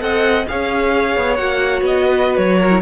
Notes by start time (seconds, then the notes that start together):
0.00 C4 A4 D#5 F#5
0.48 C#4 G#4 C#5 F5
1.17 B3
1.36 A#3 F#4 F#5
1.82 B3 D#5
2.05 B4
2.37 F#3 C#5
2.60 A#4
2.71 E4